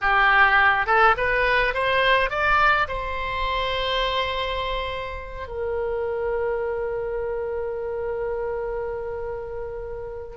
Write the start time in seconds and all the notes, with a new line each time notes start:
0.01 G4
0.86 A4
1.17 B4
1.74 C5
2.29 D5
2.88 C5
5.47 A#4